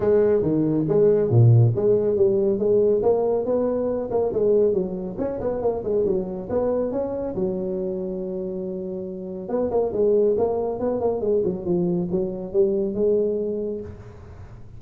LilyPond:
\new Staff \with { instrumentName = "tuba" } { \time 4/4 \tempo 4 = 139 gis4 dis4 gis4 ais,4 | gis4 g4 gis4 ais4 | b4. ais8 gis4 fis4 | cis'8 b8 ais8 gis8 fis4 b4 |
cis'4 fis2.~ | fis2 b8 ais8 gis4 | ais4 b8 ais8 gis8 fis8 f4 | fis4 g4 gis2 | }